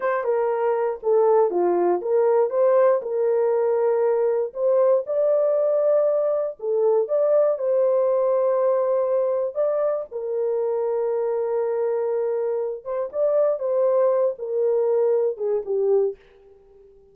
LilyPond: \new Staff \with { instrumentName = "horn" } { \time 4/4 \tempo 4 = 119 c''8 ais'4. a'4 f'4 | ais'4 c''4 ais'2~ | ais'4 c''4 d''2~ | d''4 a'4 d''4 c''4~ |
c''2. d''4 | ais'1~ | ais'4. c''8 d''4 c''4~ | c''8 ais'2 gis'8 g'4 | }